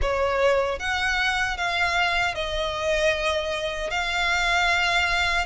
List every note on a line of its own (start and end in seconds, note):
0.01 0.79 C#5
0.79 1.57 F#5
1.57 2.34 F5
2.34 3.90 D#5
3.90 5.45 F5